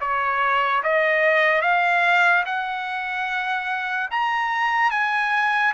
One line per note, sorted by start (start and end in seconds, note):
0.00 0.82 C#5
0.83 1.62 D#5
1.62 2.44 F5
2.45 4.10 F#5
4.11 4.91 A#5
4.91 5.73 G#5